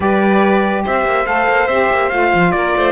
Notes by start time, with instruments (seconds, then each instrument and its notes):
0.00 cello G3, saxophone G4, violin B4, trumpet D5
0.83 cello C4, violin C5, trumpet E5
1.05 cello A#3
1.25 cello A3, saxophone A4, trumpet F5
1.48 cello A#3
1.67 cello C4, saxophone G4, trumpet E5
1.90 cello A#3
2.09 cello A3, saxophone F4, trumpet F5
2.34 cello F3
2.51 cello A#3, violin A#4, trumpet D5
2.77 cello A3, violin C5